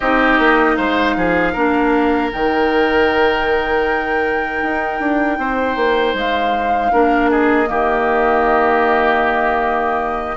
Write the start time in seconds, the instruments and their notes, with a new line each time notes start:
0.00 bassoon C4, clarinet D#4, oboe G4, flute D#5
0.38 bassoon A#3
0.76 bassoon G#3, oboe C5, flute F5
1.16 bassoon F3, oboe G#4
1.52 bassoon A#3, clarinet D4, oboe A#4
2.31 bassoon D#3, clarinet D#4, flute G5
4.62 bassoon D#4
5.00 bassoon D4
5.38 bassoon C4, oboe C5
5.76 bassoon A#3
6.14 bassoon G#3, flute F5
6.92 bassoon A#3, clarinet D4, oboe A#4
7.30 oboe G#4, flute D#5
7.66 bassoon D#3, clarinet A#3, oboe G4